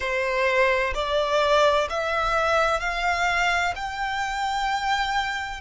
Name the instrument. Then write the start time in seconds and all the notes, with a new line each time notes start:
violin
0.00 C5
0.94 D5
1.89 E5
2.80 F5
3.75 G5